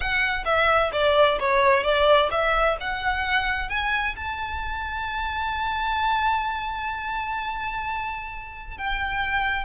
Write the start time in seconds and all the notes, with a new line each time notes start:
0.00 F#5
0.44 E5
0.92 D5
1.39 C#5
1.83 D5
2.31 E5
2.80 F#5
3.69 G#5
4.15 A5
8.77 G5